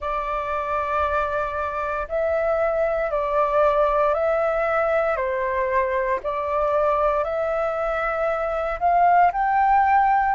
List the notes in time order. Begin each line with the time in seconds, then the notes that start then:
0.00 D5
2.08 E5
3.10 D5
4.14 E5
5.16 C5
6.23 D5
7.24 E5
8.79 F5
9.32 G5